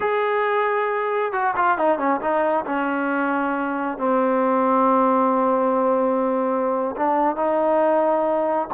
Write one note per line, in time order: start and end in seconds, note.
0.00 1.32 G#4
1.32 1.54 F#4
1.56 1.78 F4
1.78 1.98 D#4
1.98 2.20 C#4
2.20 2.64 D#4
2.65 3.97 C#4
3.97 6.95 C4
6.96 7.36 D4
7.36 8.68 D#4